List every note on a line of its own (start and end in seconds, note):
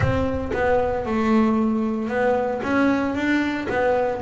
0.00 0.51 C4
0.53 1.05 B3
1.05 2.08 A3
2.08 2.61 B3
2.63 3.14 C#4
3.14 3.67 D4
3.68 4.21 B3